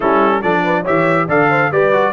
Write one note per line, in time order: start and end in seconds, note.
0.00 0.43 G3
0.00 0.42 C#4
0.00 0.41 E4
0.00 0.42 A4
0.41 0.86 F3
0.41 0.85 D4
0.41 0.63 A4
0.41 0.84 D5
0.64 0.82 B4
0.82 1.27 G4
0.82 1.24 C#5
0.82 1.28 E5
0.88 1.28 E3
1.27 1.71 D3
1.27 1.71 A4
1.27 1.49 D5
1.27 1.71 F5
1.49 1.70 C5
1.71 2.12 G3
1.71 1.92 G4
1.71 2.12 B4
1.71 2.12 D5
1.92 2.12 F#4